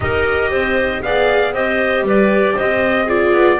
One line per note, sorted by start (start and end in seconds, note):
0.00 0.51 D#4
0.00 1.02 G4
0.00 0.51 A#4
0.00 1.02 D#5
0.51 1.02 C4
0.51 1.02 C5
1.02 1.53 B3
1.02 1.54 G#4
1.02 1.54 D5
1.02 1.53 F5
1.53 2.02 C4
1.53 3.07 G4
1.53 2.05 C5
1.53 2.05 D#5
2.02 2.53 G3
2.02 2.54 B4
2.08 2.58 D5
2.54 3.05 C5
2.54 3.09 D#5
2.60 3.33 C4
3.05 3.59 F4
3.05 3.56 G#4
3.05 3.60 D5
3.33 3.58 B3